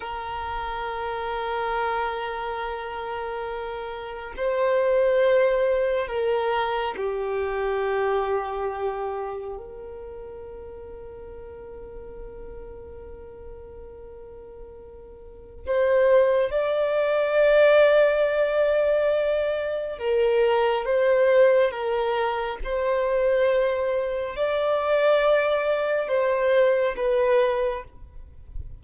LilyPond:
\new Staff \with { instrumentName = "violin" } { \time 4/4 \tempo 4 = 69 ais'1~ | ais'4 c''2 ais'4 | g'2. ais'4~ | ais'1~ |
ais'2 c''4 d''4~ | d''2. ais'4 | c''4 ais'4 c''2 | d''2 c''4 b'4 | }